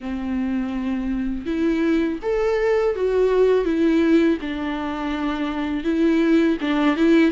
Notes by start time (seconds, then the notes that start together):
0.00 C4
1.46 E4
2.22 A4
2.95 F#4
3.65 E4
4.41 D4
5.84 E4
6.60 D4
6.96 E4